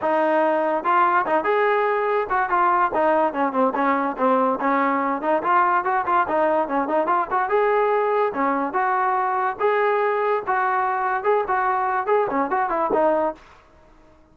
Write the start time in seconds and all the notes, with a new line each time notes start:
0.01 D#4
0.83 F4
1.26 D#4
1.44 G#4
2.29 F#4
2.49 F4
2.94 D#4
3.33 C#4
3.52 C4
3.74 C#4
4.17 C4
4.60 C#4
5.21 D#4
5.42 F4
5.84 F#4
6.06 F4
6.28 D#4
6.68 C#4
6.87 D#4
7.06 F4
7.30 F#4
7.49 G#4
8.34 C#4
8.73 F#4
9.59 G#4
10.46 F#4
11.23 G#4
11.47 F#4
12.06 G#4
12.30 C#4
12.50 F#4
12.69 E4
12.93 D#4